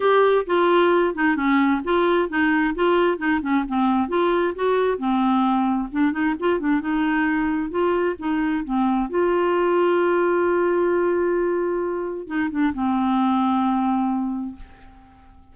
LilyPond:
\new Staff \with { instrumentName = "clarinet" } { \time 4/4 \tempo 4 = 132 g'4 f'4. dis'8 cis'4 | f'4 dis'4 f'4 dis'8 cis'8 | c'4 f'4 fis'4 c'4~ | c'4 d'8 dis'8 f'8 d'8 dis'4~ |
dis'4 f'4 dis'4 c'4 | f'1~ | f'2. dis'8 d'8 | c'1 | }